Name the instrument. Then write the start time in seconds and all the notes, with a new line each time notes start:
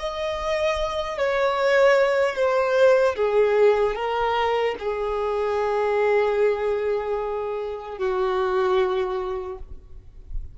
violin
0.00 D#5
1.18 C#5
2.36 C5
3.16 G#4
3.96 A#4
4.79 G#4
7.99 F#4